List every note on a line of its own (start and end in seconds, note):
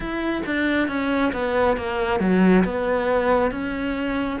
0.00 0.42 E4
0.46 0.88 D4
0.88 1.32 C#4
1.32 1.76 B3
1.76 2.20 A#3
2.20 2.64 F#3
2.64 3.51 B3
3.51 4.39 C#4